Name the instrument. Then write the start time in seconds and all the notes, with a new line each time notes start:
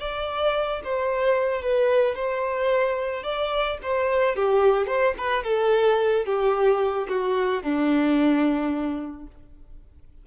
violin
0.00 D5
0.84 C5
1.62 B4
2.15 C5
3.24 D5
3.83 C5
4.36 G4
4.87 C5
5.18 B4
5.44 A4
6.26 G4
7.08 F#4
7.63 D4